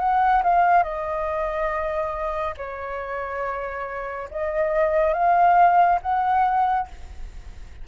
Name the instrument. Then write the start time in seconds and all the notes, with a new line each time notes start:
flute
0.00 F#5
0.44 F5
0.84 D#5
2.58 C#5
4.31 D#5
5.14 F5
6.02 F#5